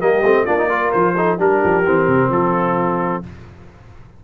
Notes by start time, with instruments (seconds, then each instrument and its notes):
0.00 tuba G3, trombone A#3, horn G4, trumpet D#5
0.23 tuba A3, trombone C4
0.45 tuba A#3, trombone D4, horn F4, trumpet D5
0.58 trombone D#4
0.69 trombone F4, horn A#4
0.92 tuba F3, trumpet C5
1.15 trombone D#4, horn A4
1.37 tuba G3, trombone D4, horn G4, trumpet A#4
1.64 tuba F3
1.85 tuba E3, trombone C4
2.08 tuba C3
2.29 tuba F3, horn F4, trumpet A4